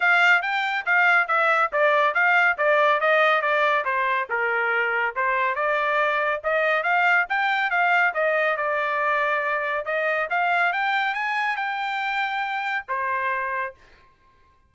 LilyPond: \new Staff \with { instrumentName = "trumpet" } { \time 4/4 \tempo 4 = 140 f''4 g''4 f''4 e''4 | d''4 f''4 d''4 dis''4 | d''4 c''4 ais'2 | c''4 d''2 dis''4 |
f''4 g''4 f''4 dis''4 | d''2. dis''4 | f''4 g''4 gis''4 g''4~ | g''2 c''2 | }